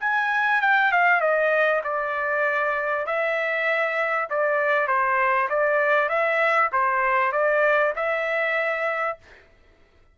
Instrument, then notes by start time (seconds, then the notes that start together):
trumpet
0.00 G#5
0.61 G5
0.92 F5
1.20 D#5
1.83 D5
3.06 E5
4.29 D5
4.87 C5
5.49 D5
6.09 E5
6.72 C5
7.32 D5
7.95 E5